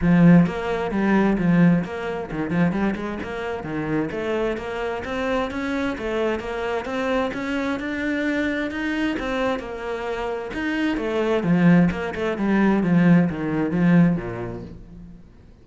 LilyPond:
\new Staff \with { instrumentName = "cello" } { \time 4/4 \tempo 4 = 131 f4 ais4 g4 f4 | ais4 dis8 f8 g8 gis8 ais4 | dis4 a4 ais4 c'4 | cis'4 a4 ais4 c'4 |
cis'4 d'2 dis'4 | c'4 ais2 dis'4 | a4 f4 ais8 a8 g4 | f4 dis4 f4 ais,4 | }